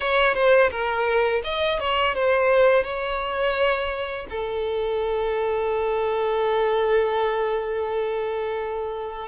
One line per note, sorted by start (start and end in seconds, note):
0.00 0.34 C#5
0.34 0.69 C5
0.70 1.42 A#4
1.44 1.79 D#5
1.79 2.14 C#5
2.14 2.83 C5
2.83 4.26 C#5
4.30 9.28 A4